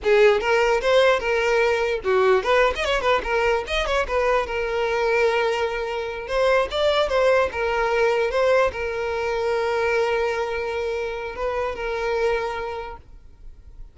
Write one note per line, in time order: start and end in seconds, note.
0.03 0.40 G#4
0.40 0.81 A#4
0.81 1.19 C5
1.19 2.00 A#4
2.04 2.43 F#4
2.43 2.73 B4
2.75 2.85 D#5
2.85 3.01 C#5
3.01 3.21 B4
3.23 3.64 A#4
3.67 3.86 D#5
3.86 4.06 C#5
4.07 4.46 B4
4.46 6.27 A#4
6.27 6.68 C5
6.70 7.08 D5
7.08 7.49 C5
7.51 8.30 A#4
8.30 8.71 C5
8.72 11.35 A#4
11.35 11.75 B4
11.75 12.96 A#4